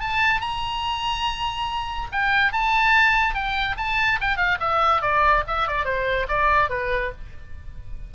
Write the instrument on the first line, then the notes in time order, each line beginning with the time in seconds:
oboe
0.00 A5
0.41 A#5
2.12 G5
2.52 A5
3.34 G5
3.77 A5
4.21 G5
4.37 F5
4.60 E5
5.02 D5
5.47 E5
5.67 D5
5.85 C5
6.28 D5
6.70 B4